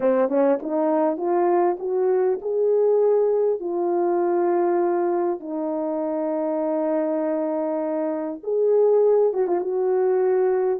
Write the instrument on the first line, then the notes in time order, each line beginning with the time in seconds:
horn
0.00 C4
0.28 C#4
0.62 D#4
1.17 F4
1.79 F#4
2.41 G#4
3.59 F4
5.40 D#4
8.43 G#4
9.33 F#4
9.47 F4
9.60 F#4